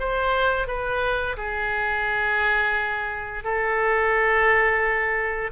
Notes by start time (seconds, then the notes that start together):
0.00 C5
0.67 B4
1.37 G#4
3.44 A4